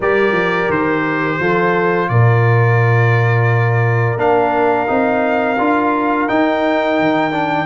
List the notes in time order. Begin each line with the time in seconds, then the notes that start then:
0.00 G3 G4 A#4 D5
0.32 F3
0.69 D#3 C5
1.39 F3 F4 A4
2.09 A#2 A#4 D5
4.17 A#3 D4 F5
4.87 C4 D#4
5.58 D4 F4
6.28 D#4 G5
6.99 D#3
7.31 D4